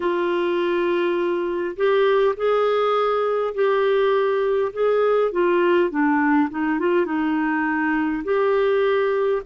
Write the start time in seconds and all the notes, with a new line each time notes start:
0.00 F4
1.76 G4
2.36 G#4
3.54 G4
4.73 G#4
5.31 F4
5.89 D4
6.50 D#4
6.79 F4
7.05 D#4
8.24 G4